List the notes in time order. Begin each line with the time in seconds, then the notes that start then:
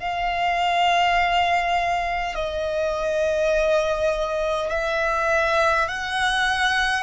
0.00 F5
2.35 D#5
4.71 E5
5.89 F#5